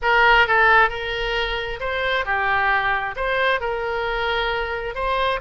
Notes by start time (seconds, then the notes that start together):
0.01 A#4
0.47 A4
0.89 A#4
1.80 C5
2.25 G4
3.16 C5
3.60 A#4
4.94 C5